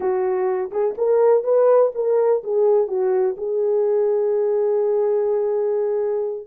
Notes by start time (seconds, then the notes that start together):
0.00 F#4
0.71 G#4
0.97 A#4
1.43 B4
1.94 A#4
2.43 G#4
2.87 F#4
3.37 G#4